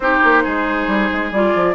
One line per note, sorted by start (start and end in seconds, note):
0.00 0.19 C4
0.00 1.33 D#4
0.00 0.43 G4
0.00 1.31 C5
0.24 0.46 A#3
0.43 0.87 G#3
0.43 1.74 G#4
0.87 1.09 G3
1.12 1.31 G#3
1.31 1.53 G3
1.31 1.74 F4
1.31 1.74 D5
1.54 1.74 F3